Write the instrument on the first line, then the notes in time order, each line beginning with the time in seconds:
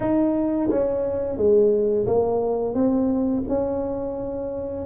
tuba
0.00 D#4
0.70 C#4
1.37 G#3
2.06 A#3
2.74 C4
3.48 C#4